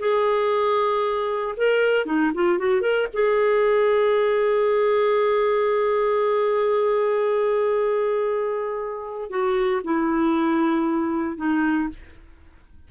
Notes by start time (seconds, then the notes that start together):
0.00 G#4
1.57 A#4
2.06 D#4
2.35 F4
2.59 F#4
2.82 A#4
3.13 G#4
9.30 F#4
9.84 E4
11.37 D#4